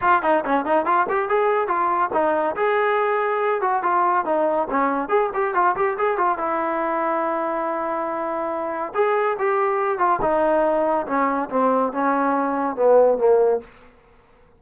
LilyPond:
\new Staff \with { instrumentName = "trombone" } { \time 4/4 \tempo 4 = 141 f'8 dis'8 cis'8 dis'8 f'8 g'8 gis'4 | f'4 dis'4 gis'2~ | gis'8 fis'8 f'4 dis'4 cis'4 | gis'8 g'8 f'8 g'8 gis'8 f'8 e'4~ |
e'1~ | e'4 gis'4 g'4. f'8 | dis'2 cis'4 c'4 | cis'2 b4 ais4 | }